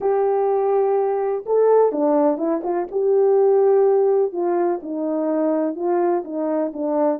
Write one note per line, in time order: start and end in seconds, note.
0.00 1.44 G4
1.46 1.92 A4
1.92 2.37 D4
2.37 2.61 E4
2.63 2.87 F4
2.91 4.32 G4
4.32 4.80 F4
4.82 5.75 D#4
5.75 6.23 F4
6.24 6.72 D#4
6.73 7.19 D4